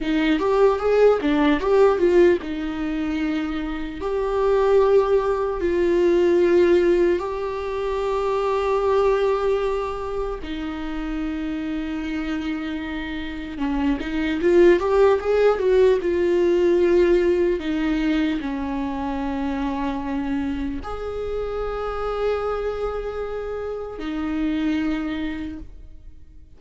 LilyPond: \new Staff \with { instrumentName = "viola" } { \time 4/4 \tempo 4 = 75 dis'8 g'8 gis'8 d'8 g'8 f'8 dis'4~ | dis'4 g'2 f'4~ | f'4 g'2.~ | g'4 dis'2.~ |
dis'4 cis'8 dis'8 f'8 g'8 gis'8 fis'8 | f'2 dis'4 cis'4~ | cis'2 gis'2~ | gis'2 dis'2 | }